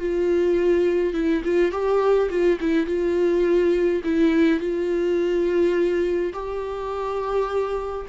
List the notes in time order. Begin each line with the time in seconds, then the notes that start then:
0.00 F4
1.14 E4
1.45 F4
1.72 G4
2.30 F4
2.61 E4
2.87 F4
4.05 E4
4.60 F4
6.34 G4